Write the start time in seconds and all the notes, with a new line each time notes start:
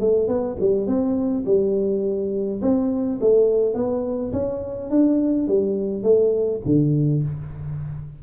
0.00 A3
0.27 B3
0.60 G3
0.87 C4
1.45 G3
2.61 C4
3.20 A3
3.74 B3
4.32 C#4
4.90 D4
5.47 G3
6.03 A3
6.65 D3